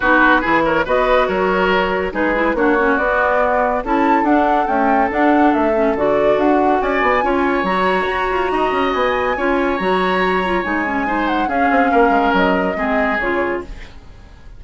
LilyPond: <<
  \new Staff \with { instrumentName = "flute" } { \time 4/4 \tempo 4 = 141 b'4. cis''8 dis''4 cis''4~ | cis''4 b'4 cis''4 d''4~ | d''4 a''4 fis''4 g''4 | fis''4 e''4 d''4 fis''4 |
gis''2 ais''2~ | ais''4 gis''2 ais''4~ | ais''4 gis''4. fis''8 f''4~ | f''4 dis''2 cis''4 | }
  \new Staff \with { instrumentName = "oboe" } { \time 4/4 fis'4 gis'8 ais'8 b'4 ais'4~ | ais'4 gis'4 fis'2~ | fis'4 a'2.~ | a'1 |
d''4 cis''2. | dis''2 cis''2~ | cis''2 c''4 gis'4 | ais'2 gis'2 | }
  \new Staff \with { instrumentName = "clarinet" } { \time 4/4 dis'4 e'4 fis'2~ | fis'4 dis'8 e'8 d'8 cis'8 b4~ | b4 e'4 d'4 a4 | d'4. cis'8 fis'2~ |
fis'4 f'4 fis'2~ | fis'2 f'4 fis'4~ | fis'8 f'8 dis'8 cis'8 dis'4 cis'4~ | cis'2 c'4 f'4 | }
  \new Staff \with { instrumentName = "bassoon" } { \time 4/4 b4 e4 b4 fis4~ | fis4 gis4 ais4 b4~ | b4 cis'4 d'4 cis'4 | d'4 a4 d4 d'4 |
cis'8 b8 cis'4 fis4 fis'8 f'8 | dis'8 cis'8 b4 cis'4 fis4~ | fis4 gis2 cis'8 c'8 | ais8 gis8 fis4 gis4 cis4 | }
>>